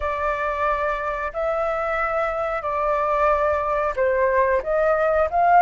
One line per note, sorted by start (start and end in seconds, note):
0.00 1.32 D5
1.33 2.62 E5
2.62 3.94 D5
3.96 4.62 C5
4.62 5.28 D#5
5.30 5.62 F5